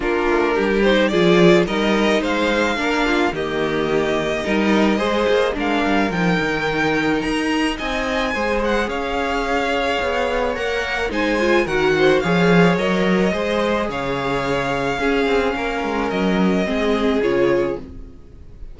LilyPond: <<
  \new Staff \with { instrumentName = "violin" } { \time 4/4 \tempo 4 = 108 ais'4. c''8 d''4 dis''4 | f''2 dis''2~ | dis''2 f''4 g''4~ | g''4 ais''4 gis''4. fis''8 |
f''2. fis''4 | gis''4 fis''4 f''4 dis''4~ | dis''4 f''2.~ | f''4 dis''2 cis''4 | }
  \new Staff \with { instrumentName = "violin" } { \time 4/4 f'4 g'4 gis'4 ais'4 | c''4 ais'8 f'8 g'2 | ais'4 c''4 ais'2~ | ais'2 dis''4 c''4 |
cis''1 | c''4 ais'8 c''8 cis''2 | c''4 cis''2 gis'4 | ais'2 gis'2 | }
  \new Staff \with { instrumentName = "viola" } { \time 4/4 d'4. dis'8 f'4 dis'4~ | dis'4 d'4 ais2 | dis'4 gis'4 d'4 dis'4~ | dis'2. gis'4~ |
gis'2. ais'4 | dis'8 f'8 fis'4 gis'4 ais'4 | gis'2. cis'4~ | cis'2 c'4 f'4 | }
  \new Staff \with { instrumentName = "cello" } { \time 4/4 ais8 a8 g4 f4 g4 | gis4 ais4 dis2 | g4 gis8 ais8 gis8 g8 f8 dis8~ | dis4 dis'4 c'4 gis4 |
cis'2 b4 ais4 | gis4 dis4 f4 fis4 | gis4 cis2 cis'8 c'8 | ais8 gis8 fis4 gis4 cis4 | }
>>